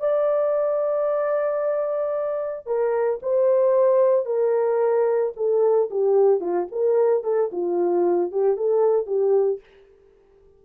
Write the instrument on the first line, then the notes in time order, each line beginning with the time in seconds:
horn
0.00 D5
2.67 A#4
3.23 C5
4.26 A#4
5.36 A4
5.91 G4
6.41 F4
6.72 A#4
7.24 A4
7.52 F4
8.32 G4
8.57 A4
9.07 G4